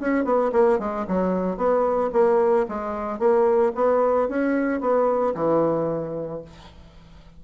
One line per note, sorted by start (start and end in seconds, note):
0.00 0.25 C#4
0.25 0.51 B3
0.52 0.79 A#3
0.79 1.06 G#3
1.08 1.57 F#3
1.57 2.11 B3
2.12 2.66 A#3
2.68 3.19 G#3
3.19 3.72 A#3
3.75 4.28 B3
4.29 4.81 C#4
4.81 5.34 B3
5.34 6.42 E3